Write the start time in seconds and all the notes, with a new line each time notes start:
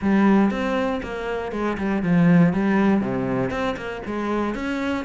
0.01 G3
0.50 C4
1.02 A#3
1.51 G#3
1.77 G3
2.02 F3
2.53 G3
3.01 C3
3.50 C4
3.77 A#3
4.06 G#3
4.54 C#4